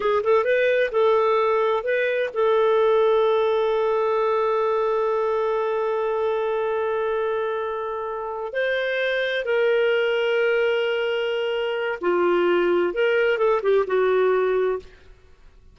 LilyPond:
\new Staff \with { instrumentName = "clarinet" } { \time 4/4 \tempo 4 = 130 gis'8 a'8 b'4 a'2 | b'4 a'2.~ | a'1~ | a'1~ |
a'2~ a'8 c''4.~ | c''8 ais'2.~ ais'8~ | ais'2 f'2 | ais'4 a'8 g'8 fis'2 | }